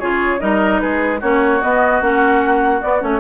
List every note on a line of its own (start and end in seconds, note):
0.00 0.42 C#3
0.00 0.40 F4
0.00 0.40 G#4
0.00 0.40 C#5
0.40 0.82 G3
0.40 1.20 D#4
0.40 0.81 A#4
0.40 0.80 D#5
0.80 1.22 G#3
0.80 1.20 G#4
0.80 1.20 B4
1.20 1.62 A#3
1.20 1.62 C#4
1.20 3.21 F#4
1.20 1.62 C#5
1.62 2.02 B3
1.62 2.01 B3
1.62 2.02 D#5
2.01 2.82 A#3
2.01 2.82 C#4
2.01 2.82 F#5
2.82 3.01 B3
2.82 3.02 B3
2.82 3.02 D5
3.01 3.21 A3
3.01 3.21 C#4
3.01 3.21 C#5